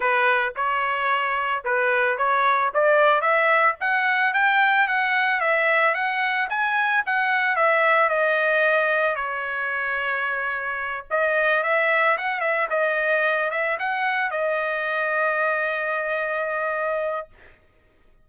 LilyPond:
\new Staff \with { instrumentName = "trumpet" } { \time 4/4 \tempo 4 = 111 b'4 cis''2 b'4 | cis''4 d''4 e''4 fis''4 | g''4 fis''4 e''4 fis''4 | gis''4 fis''4 e''4 dis''4~ |
dis''4 cis''2.~ | cis''8 dis''4 e''4 fis''8 e''8 dis''8~ | dis''4 e''8 fis''4 dis''4.~ | dis''1 | }